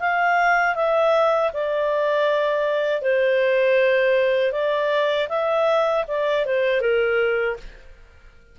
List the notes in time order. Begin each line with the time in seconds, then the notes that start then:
0.00 F5
0.76 E5
1.54 D5
3.02 C5
4.53 D5
5.29 E5
6.08 D5
6.46 C5
6.81 A#4